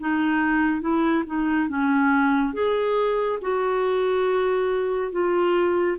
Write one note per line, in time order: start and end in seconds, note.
0.00 0.81 D#4
0.81 1.24 E4
1.26 1.69 D#4
1.69 2.54 C#4
2.54 3.39 G#4
3.42 5.12 F#4
5.12 5.98 F4